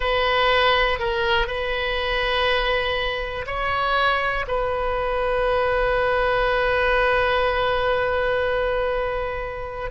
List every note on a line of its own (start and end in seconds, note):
0.00 0.99 B4
0.99 1.47 A#4
1.47 3.45 B4
3.46 4.45 C#5
4.47 9.90 B4